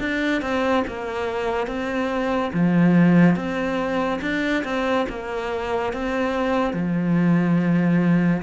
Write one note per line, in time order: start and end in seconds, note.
0.00 0.42 D4
0.42 0.84 C4
0.88 1.67 A#3
1.67 2.52 C4
2.54 3.36 F3
3.36 4.20 C4
4.22 4.64 D4
4.64 5.07 C4
5.09 5.93 A#3
5.93 6.73 C4
6.73 8.42 F3